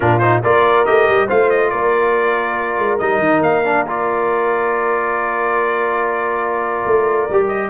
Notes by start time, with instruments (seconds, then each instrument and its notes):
0.00 tuba A#2, trombone D4, horn F4, trumpet A#4
0.18 trombone D#4, trumpet C5
0.43 tuba A#3, trombone F4, horn A#4, trumpet D5
0.85 tuba A3, trombone G4, trumpet D#5
1.07 tuba G3
1.26 tuba A3, trombone F4, horn C5, trumpet F5
1.49 trumpet D#5
1.69 tuba A#3, horn A#4, trumpet D5
2.78 tuba G#3
2.98 tuba G3, trombone D#4, trumpet D#5
3.19 tuba D#3
3.40 tuba A#3, trumpet F5
3.64 trombone D4
3.86 trombone F4, trumpet D5
6.85 tuba A3
7.29 tuba G3, trombone G4
7.48 trumpet D#5